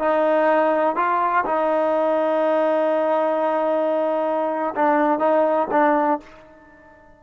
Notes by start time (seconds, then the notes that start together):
0.00 D#4
0.96 F4
1.46 D#4
4.76 D4
5.19 D#4
5.72 D4